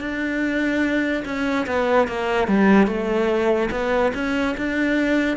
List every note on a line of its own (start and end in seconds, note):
0.00 1.23 D4
1.25 1.66 C#4
1.67 2.08 B3
2.08 2.48 A#3
2.48 2.87 G3
2.87 3.69 A3
3.71 4.12 B3
4.14 4.55 C#4
4.57 5.37 D4